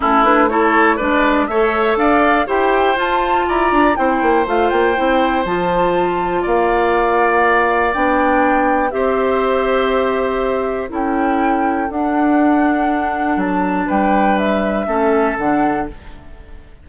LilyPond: <<
  \new Staff \with { instrumentName = "flute" } { \time 4/4 \tempo 4 = 121 a'8 b'8 cis''4 d''4 e''4 | f''4 g''4 a''4 ais''4 | g''4 f''8 g''4. a''4~ | a''4 f''2. |
g''2 e''2~ | e''2 g''2 | fis''2. a''4 | g''4 e''2 fis''4 | }
  \new Staff \with { instrumentName = "oboe" } { \time 4/4 e'4 a'4 b'4 cis''4 | d''4 c''2 d''4 | c''1~ | c''4 d''2.~ |
d''2 c''2~ | c''2 a'2~ | a'1 | b'2 a'2 | }
  \new Staff \with { instrumentName = "clarinet" } { \time 4/4 cis'8 d'8 e'4 d'4 a'4~ | a'4 g'4 f'2 | e'4 f'4 e'4 f'4~ | f'1 |
d'2 g'2~ | g'2 e'2 | d'1~ | d'2 cis'4 d'4 | }
  \new Staff \with { instrumentName = "bassoon" } { \time 4/4 a2 gis4 a4 | d'4 e'4 f'4 e'8 d'8 | c'8 ais8 a8 ais8 c'4 f4~ | f4 ais2. |
b2 c'2~ | c'2 cis'2 | d'2. fis4 | g2 a4 d4 | }
>>